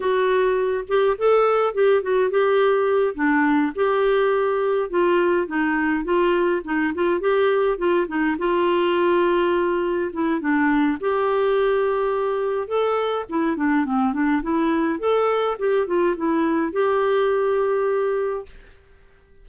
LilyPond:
\new Staff \with { instrumentName = "clarinet" } { \time 4/4 \tempo 4 = 104 fis'4. g'8 a'4 g'8 fis'8 | g'4. d'4 g'4.~ | g'8 f'4 dis'4 f'4 dis'8 | f'8 g'4 f'8 dis'8 f'4.~ |
f'4. e'8 d'4 g'4~ | g'2 a'4 e'8 d'8 | c'8 d'8 e'4 a'4 g'8 f'8 | e'4 g'2. | }